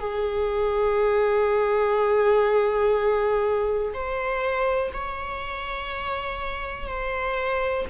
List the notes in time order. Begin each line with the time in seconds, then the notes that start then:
0.00 G#4
3.94 C5
4.94 C#5
6.88 C5